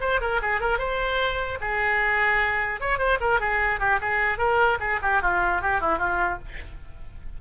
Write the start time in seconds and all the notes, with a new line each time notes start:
0.00 C5
0.21 A#4
0.41 G#4
0.60 A#4
0.78 C5
1.60 G#4
2.80 C#5
2.98 C5
3.20 A#4
3.39 G#4
3.79 G4
4.01 G#4
4.37 A#4
4.80 G#4
5.02 G4
5.21 F4
5.61 G4
5.80 E4
5.98 F4